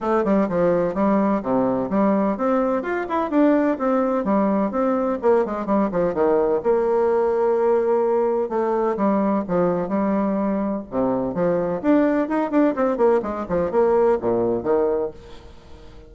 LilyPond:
\new Staff \with { instrumentName = "bassoon" } { \time 4/4 \tempo 4 = 127 a8 g8 f4 g4 c4 | g4 c'4 f'8 e'8 d'4 | c'4 g4 c'4 ais8 gis8 | g8 f8 dis4 ais2~ |
ais2 a4 g4 | f4 g2 c4 | f4 d'4 dis'8 d'8 c'8 ais8 | gis8 f8 ais4 ais,4 dis4 | }